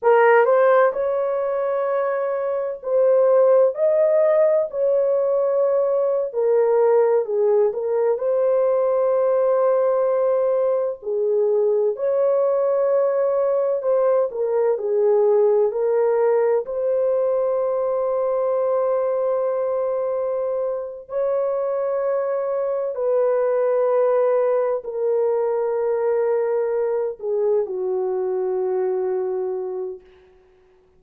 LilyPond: \new Staff \with { instrumentName = "horn" } { \time 4/4 \tempo 4 = 64 ais'8 c''8 cis''2 c''4 | dis''4 cis''4.~ cis''16 ais'4 gis'16~ | gis'16 ais'8 c''2. gis'16~ | gis'8. cis''2 c''8 ais'8 gis'16~ |
gis'8. ais'4 c''2~ c''16~ | c''2~ c''8 cis''4.~ | cis''8 b'2 ais'4.~ | ais'4 gis'8 fis'2~ fis'8 | }